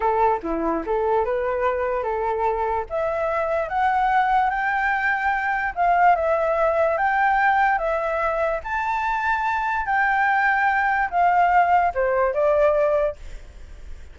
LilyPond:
\new Staff \with { instrumentName = "flute" } { \time 4/4 \tempo 4 = 146 a'4 e'4 a'4 b'4~ | b'4 a'2 e''4~ | e''4 fis''2 g''4~ | g''2 f''4 e''4~ |
e''4 g''2 e''4~ | e''4 a''2. | g''2. f''4~ | f''4 c''4 d''2 | }